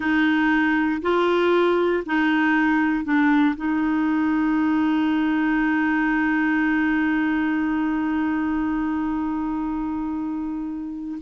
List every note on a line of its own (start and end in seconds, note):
0.00 1.01 D#4
1.02 2.03 F4
2.06 3.04 D#4
3.04 3.55 D4
3.55 11.18 D#4